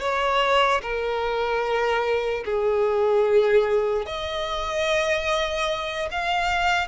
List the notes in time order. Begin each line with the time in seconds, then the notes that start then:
0.00 C#5
0.82 A#4
2.45 G#4
4.06 D#5
6.11 F5